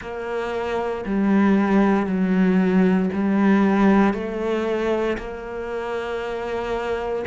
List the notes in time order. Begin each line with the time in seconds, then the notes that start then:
0.01 A#3
1.05 G3
2.06 F#3
3.13 G3
4.13 A3
5.17 A#3